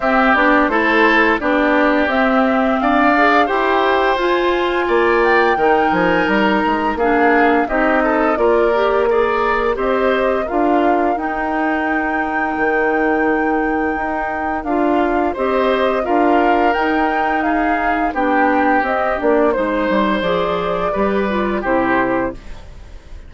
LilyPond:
<<
  \new Staff \with { instrumentName = "flute" } { \time 4/4 \tempo 4 = 86 e''8 d''8 c''4 d''4 e''4 | f''4 g''4 gis''4. g''8~ | g''8 gis''8 ais''4 f''4 dis''4 | d''4 ais'4 dis''4 f''4 |
g''1~ | g''4 f''4 dis''4 f''4 | g''4 f''4 g''4 dis''8 d''8 | c''4 d''2 c''4 | }
  \new Staff \with { instrumentName = "oboe" } { \time 4/4 g'4 a'4 g'2 | d''4 c''2 d''4 | ais'2 gis'4 g'8 a'8 | ais'4 d''4 c''4 ais'4~ |
ais'1~ | ais'2 c''4 ais'4~ | ais'4 gis'4 g'2 | c''2 b'4 g'4 | }
  \new Staff \with { instrumentName = "clarinet" } { \time 4/4 c'8 d'8 e'4 d'4 c'4~ | c'8 gis'8 g'4 f'2 | dis'2 d'4 dis'4 | f'8 g'8 gis'4 g'4 f'4 |
dis'1~ | dis'4 f'4 g'4 f'4 | dis'2 d'4 c'8 d'8 | dis'4 gis'4 g'8 f'8 e'4 | }
  \new Staff \with { instrumentName = "bassoon" } { \time 4/4 c'8 b8 a4 b4 c'4 | d'4 e'4 f'4 ais4 | dis8 f8 g8 gis8 ais4 c'4 | ais2 c'4 d'4 |
dis'2 dis2 | dis'4 d'4 c'4 d'4 | dis'2 b4 c'8 ais8 | gis8 g8 f4 g4 c4 | }
>>